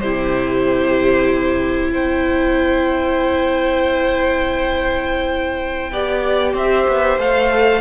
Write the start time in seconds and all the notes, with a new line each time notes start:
0.00 C3 E4 G4 C5
1.92 C4 C5 G5
5.92 B3 G4 D5
6.54 C4 C5 E5
6.88 B3
7.18 A3 A4 F5